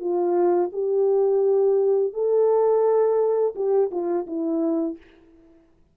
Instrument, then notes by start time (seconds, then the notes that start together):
horn
0.00 F4
0.73 G4
2.13 A4
3.56 G4
3.91 F4
4.27 E4